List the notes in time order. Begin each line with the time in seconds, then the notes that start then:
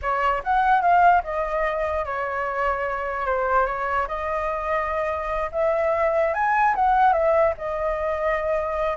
0.02 C#5
0.43 F#5
0.81 F5
1.23 D#5
2.05 C#5
3.26 C5
3.66 C#5
4.07 D#5
5.52 E5
6.34 G#5
6.75 F#5
7.12 E5
7.57 D#5